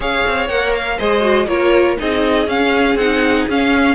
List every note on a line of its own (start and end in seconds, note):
0.00 0.24 C#4
0.00 0.48 G#4
0.00 0.97 C#5
0.00 0.48 F5
0.26 0.49 C4
0.48 0.98 A#3
0.48 0.98 A#4
0.48 0.73 F#5
0.74 0.99 F5
0.97 1.47 G#3
0.97 1.21 G#4
0.97 1.47 C5
0.97 1.48 D#5
1.21 1.45 F#4
1.47 1.96 A#3
1.47 1.97 F4
1.47 1.98 A#4
1.47 1.97 C#5
1.97 2.47 C4
1.97 2.46 D#4
1.97 3.95 G#4
1.97 2.48 D#5
2.47 2.95 C#4
2.47 2.97 C#4
2.47 2.97 F5
2.95 3.45 C4
2.95 3.49 D#4
2.95 3.46 F#5
3.48 3.95 C#4
3.48 3.95 F5